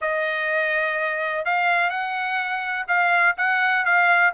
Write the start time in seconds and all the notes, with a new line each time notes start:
0.01 D#5
1.45 F5
1.90 F#5
2.87 F5
3.37 F#5
3.85 F5